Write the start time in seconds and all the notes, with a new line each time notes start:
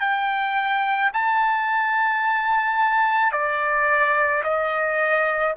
0.00 G5
1.13 A5
3.32 D5
4.43 D#5